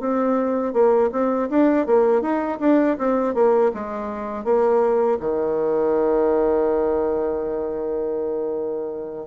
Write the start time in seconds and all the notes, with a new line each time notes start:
0.00 C4
0.73 A#3
1.12 C4
1.50 D4
1.86 A#3
2.21 D#4
2.60 D4
2.98 C4
3.34 A#3
3.74 G#3
4.44 A#3
5.20 D#3